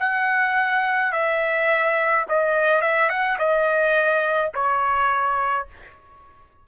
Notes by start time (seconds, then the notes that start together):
0.00 F#5
1.13 E5
2.29 D#5
2.82 E5
3.10 F#5
3.39 D#5
4.54 C#5